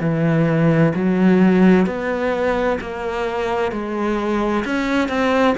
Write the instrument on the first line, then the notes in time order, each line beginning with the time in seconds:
cello
0.00 E3
0.95 F#3
1.86 B3
2.81 A#3
3.72 G#3
4.65 C#4
5.09 C4